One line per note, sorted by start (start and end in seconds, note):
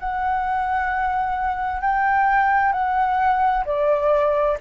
0.00 1.82 F#5
1.82 2.73 G5
2.73 3.65 F#5
3.66 4.58 D5